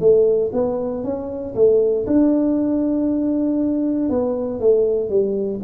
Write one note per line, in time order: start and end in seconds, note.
0.00 0.51 A3
0.53 1.04 B3
1.04 1.55 C#4
1.55 2.06 A3
2.07 4.10 D4
4.10 4.60 B3
4.60 5.09 A3
5.09 5.60 G3